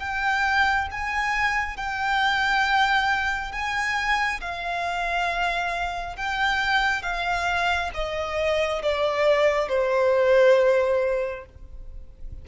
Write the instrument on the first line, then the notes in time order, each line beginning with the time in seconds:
violin
0.00 G5
0.92 G#5
1.77 G5
3.52 G#5
4.41 F5
6.17 G5
7.03 F5
7.94 D#5
8.83 D5
9.69 C5